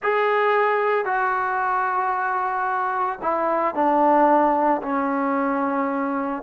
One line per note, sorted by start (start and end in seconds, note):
0.02 1.05 G#4
1.05 3.19 F#4
3.21 3.74 E4
3.74 4.81 D4
4.82 6.42 C#4